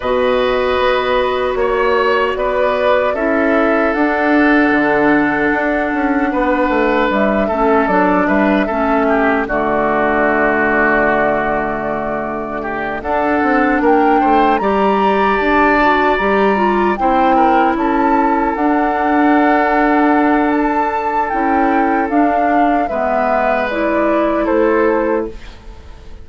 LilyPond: <<
  \new Staff \with { instrumentName = "flute" } { \time 4/4 \tempo 4 = 76 dis''2 cis''4 d''4 | e''4 fis''2.~ | fis''4 e''4 d''8 e''4. | d''1~ |
d''8 fis''4 g''4 ais''4 a''8~ | a''8 ais''4 g''4 a''4 fis''8~ | fis''2 a''4 g''4 | f''4 e''4 d''4 c''4 | }
  \new Staff \with { instrumentName = "oboe" } { \time 4/4 b'2 cis''4 b'4 | a'1 | b'4. a'4 b'8 a'8 g'8 | fis'1 |
g'8 a'4 ais'8 c''8 d''4.~ | d''4. c''8 ais'8 a'4.~ | a'1~ | a'4 b'2 a'4 | }
  \new Staff \with { instrumentName = "clarinet" } { \time 4/4 fis'1 | e'4 d'2.~ | d'4. cis'8 d'4 cis'4 | a1~ |
a8 d'2 g'4. | fis'8 g'8 f'8 e'2 d'8~ | d'2. e'4 | d'4 b4 e'2 | }
  \new Staff \with { instrumentName = "bassoon" } { \time 4/4 b,4 b4 ais4 b4 | cis'4 d'4 d4 d'8 cis'8 | b8 a8 g8 a8 fis8 g8 a4 | d1~ |
d8 d'8 c'8 ais8 a8 g4 d'8~ | d'8 g4 c'4 cis'4 d'8~ | d'2. cis'4 | d'4 gis2 a4 | }
>>